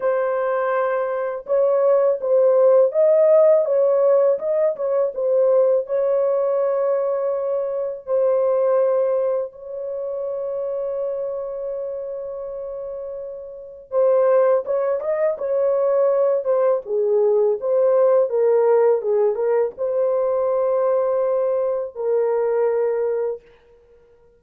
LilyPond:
\new Staff \with { instrumentName = "horn" } { \time 4/4 \tempo 4 = 82 c''2 cis''4 c''4 | dis''4 cis''4 dis''8 cis''8 c''4 | cis''2. c''4~ | c''4 cis''2.~ |
cis''2. c''4 | cis''8 dis''8 cis''4. c''8 gis'4 | c''4 ais'4 gis'8 ais'8 c''4~ | c''2 ais'2 | }